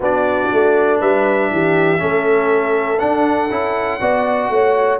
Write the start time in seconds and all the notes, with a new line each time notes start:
0.00 B3 D4 F#4 D5
0.53 A3
0.99 G3 B4 E5
1.51 E3 G4
1.97 A3 C#4 A4
2.99 D4 F#5
3.50 C#4 E4
4.00 B3 F#4 D5
4.49 A3 C#5